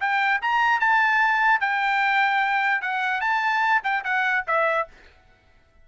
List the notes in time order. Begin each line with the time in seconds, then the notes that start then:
0.00 G5
0.42 A#5
0.80 A5
1.60 G5
2.82 F#5
3.20 A5
3.83 G5
4.04 F#5
4.47 E5